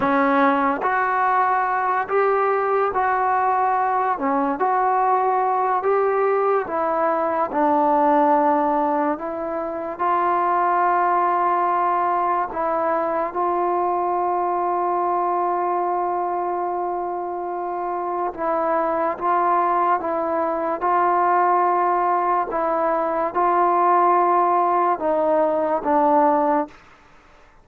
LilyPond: \new Staff \with { instrumentName = "trombone" } { \time 4/4 \tempo 4 = 72 cis'4 fis'4. g'4 fis'8~ | fis'4 cis'8 fis'4. g'4 | e'4 d'2 e'4 | f'2. e'4 |
f'1~ | f'2 e'4 f'4 | e'4 f'2 e'4 | f'2 dis'4 d'4 | }